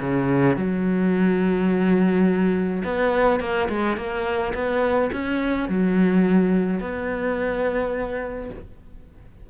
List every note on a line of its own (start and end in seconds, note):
0.00 0.57 C#3
0.57 2.83 F#3
2.84 3.40 B3
3.40 3.68 A#3
3.69 3.97 G#3
3.97 4.53 A#3
4.54 5.11 B3
5.12 5.69 C#4
5.69 6.80 F#3
6.80 8.50 B3